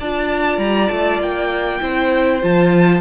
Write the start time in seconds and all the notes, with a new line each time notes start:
0.00 D4 F4 D5 A5
0.58 G3 A#5
0.89 A3 A5
1.20 A#3 G5
1.81 C4 E4 C5
2.42 F3 F4 A5